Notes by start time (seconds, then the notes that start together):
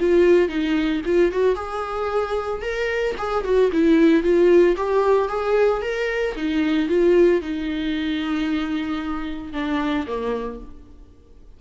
0.00 F4
0.49 D#4
1.05 F4
1.32 F#4
1.55 G#4
2.62 A#4
3.18 G#4
3.44 F#4
3.72 E4
4.23 F4
4.77 G4
5.29 G#4
5.82 A#4
6.36 D#4
6.89 F4
7.41 D#4
9.53 D4
10.07 A#3